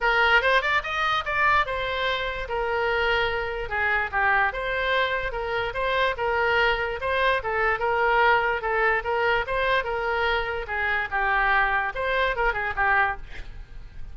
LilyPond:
\new Staff \with { instrumentName = "oboe" } { \time 4/4 \tempo 4 = 146 ais'4 c''8 d''8 dis''4 d''4 | c''2 ais'2~ | ais'4 gis'4 g'4 c''4~ | c''4 ais'4 c''4 ais'4~ |
ais'4 c''4 a'4 ais'4~ | ais'4 a'4 ais'4 c''4 | ais'2 gis'4 g'4~ | g'4 c''4 ais'8 gis'8 g'4 | }